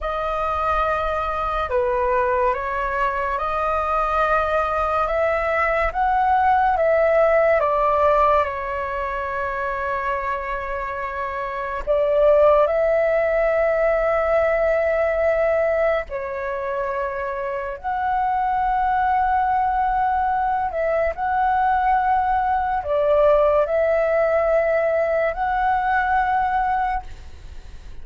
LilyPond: \new Staff \with { instrumentName = "flute" } { \time 4/4 \tempo 4 = 71 dis''2 b'4 cis''4 | dis''2 e''4 fis''4 | e''4 d''4 cis''2~ | cis''2 d''4 e''4~ |
e''2. cis''4~ | cis''4 fis''2.~ | fis''8 e''8 fis''2 d''4 | e''2 fis''2 | }